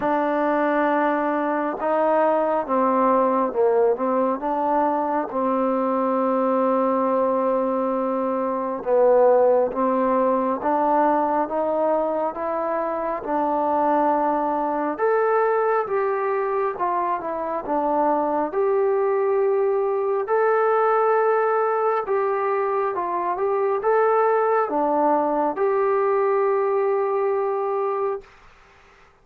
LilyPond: \new Staff \with { instrumentName = "trombone" } { \time 4/4 \tempo 4 = 68 d'2 dis'4 c'4 | ais8 c'8 d'4 c'2~ | c'2 b4 c'4 | d'4 dis'4 e'4 d'4~ |
d'4 a'4 g'4 f'8 e'8 | d'4 g'2 a'4~ | a'4 g'4 f'8 g'8 a'4 | d'4 g'2. | }